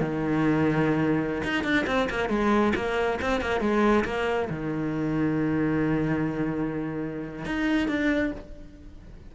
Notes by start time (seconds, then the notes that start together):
0.00 D#3
1.43 D#4
1.63 D4
1.86 C4
2.10 A#3
2.29 G#3
2.75 A#3
3.21 C4
3.41 A#3
3.60 G#3
4.04 A#3
4.49 D#3
7.45 D#4
7.88 D4